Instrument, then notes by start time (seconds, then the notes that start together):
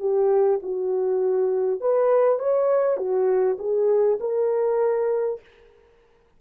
horn
0.00 G4
0.63 F#4
1.81 B4
2.39 C#5
2.97 F#4
3.58 G#4
4.21 A#4